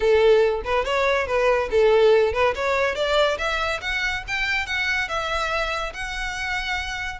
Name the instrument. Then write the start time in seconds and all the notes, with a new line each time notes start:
violin
0.00 A4
0.64 B4
0.84 C#5
1.27 B4
1.71 A4
2.33 B4
2.55 C#5
2.95 D5
3.38 E5
3.81 F#5
4.27 G5
4.66 F#5
5.08 E5
5.93 F#5